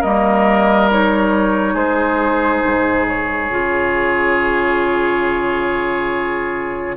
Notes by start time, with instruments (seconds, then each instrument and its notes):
0.00 bassoon G3, clarinet A#3, oboe A#4, flute D#5
0.90 clarinet D#4, flute C#5
1.74 bassoon G#3, oboe G#4, flute C5
2.64 bassoon G#2
3.08 flute C#5
3.50 bassoon C#3, clarinet F4